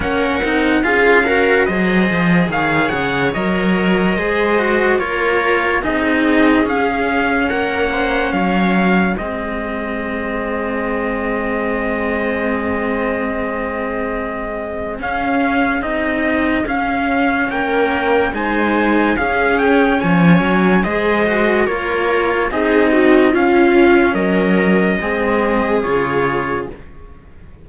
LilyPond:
<<
  \new Staff \with { instrumentName = "trumpet" } { \time 4/4 \tempo 4 = 72 fis''4 f''4 dis''4 f''8 fis''8 | dis''2 cis''4 dis''4 | f''4 fis''4 f''4 dis''4~ | dis''1~ |
dis''2 f''4 dis''4 | f''4 g''4 gis''4 f''8 g''8 | gis''4 dis''4 cis''4 dis''4 | f''4 dis''2 cis''4 | }
  \new Staff \with { instrumentName = "viola" } { \time 4/4 ais'4 gis'8 ais'8 c''4 cis''4~ | cis''4 c''4 ais'4 gis'4~ | gis'4 ais'8 c''8 cis''4 gis'4~ | gis'1~ |
gis'1~ | gis'4 ais'4 c''4 gis'4 | cis''4 c''4 ais'4 gis'8 fis'8 | f'4 ais'4 gis'2 | }
  \new Staff \with { instrumentName = "cello" } { \time 4/4 cis'8 dis'8 f'8 fis'8 gis'2 | ais'4 gis'8 fis'8 f'4 dis'4 | cis'2. c'4~ | c'1~ |
c'2 cis'4 dis'4 | cis'2 dis'4 cis'4~ | cis'4 gis'8 fis'8 f'4 dis'4 | cis'2 c'4 f'4 | }
  \new Staff \with { instrumentName = "cello" } { \time 4/4 ais8 c'8 cis'4 fis8 f8 dis8 cis8 | fis4 gis4 ais4 c'4 | cis'4 ais4 fis4 gis4~ | gis1~ |
gis2 cis'4 c'4 | cis'4 ais4 gis4 cis'4 | f8 fis8 gis4 ais4 c'4 | cis'4 fis4 gis4 cis4 | }
>>